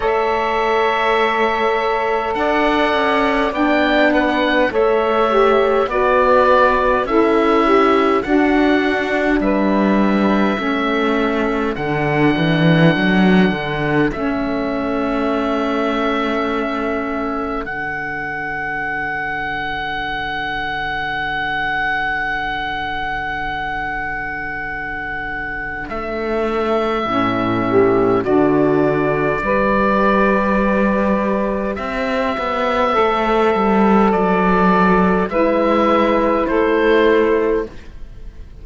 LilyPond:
<<
  \new Staff \with { instrumentName = "oboe" } { \time 4/4 \tempo 4 = 51 e''2 fis''4 g''8 fis''8 | e''4 d''4 e''4 fis''4 | e''2 fis''2 | e''2. fis''4~ |
fis''1~ | fis''2 e''2 | d''2. e''4~ | e''4 d''4 e''4 c''4 | }
  \new Staff \with { instrumentName = "saxophone" } { \time 4/4 cis''2 d''4. b'8 | cis''4 b'4 a'8 g'8 fis'4 | b'4 a'2.~ | a'1~ |
a'1~ | a'2.~ a'8 g'8 | fis'4 b'2 c''4~ | c''2 b'4 a'4 | }
  \new Staff \with { instrumentName = "saxophone" } { \time 4/4 a'2. d'4 | a'8 g'8 fis'4 e'4 d'4~ | d'4 cis'4 d'2 | cis'2. d'4~ |
d'1~ | d'2. cis'4 | d'4 g'2. | a'2 e'2 | }
  \new Staff \with { instrumentName = "cello" } { \time 4/4 a2 d'8 cis'8 b4 | a4 b4 cis'4 d'4 | g4 a4 d8 e8 fis8 d8 | a2. d4~ |
d1~ | d2 a4 a,4 | d4 g2 c'8 b8 | a8 g8 fis4 gis4 a4 | }
>>